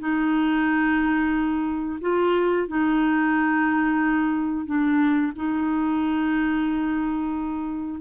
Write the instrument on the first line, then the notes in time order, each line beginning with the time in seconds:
clarinet
0.00 D#4
2.02 F4
2.68 D#4
4.66 D4
5.36 D#4